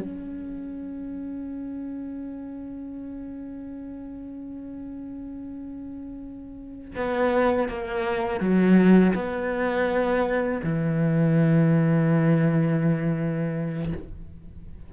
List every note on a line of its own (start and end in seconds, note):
0.00 6.95 C#4
6.96 7.69 B3
7.69 8.40 A#3
8.40 9.14 F#3
9.15 10.61 B3
10.64 13.93 E3